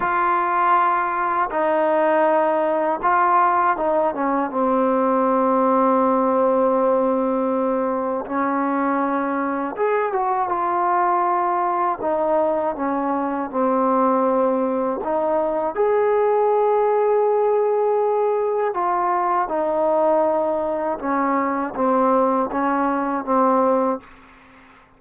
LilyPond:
\new Staff \with { instrumentName = "trombone" } { \time 4/4 \tempo 4 = 80 f'2 dis'2 | f'4 dis'8 cis'8 c'2~ | c'2. cis'4~ | cis'4 gis'8 fis'8 f'2 |
dis'4 cis'4 c'2 | dis'4 gis'2.~ | gis'4 f'4 dis'2 | cis'4 c'4 cis'4 c'4 | }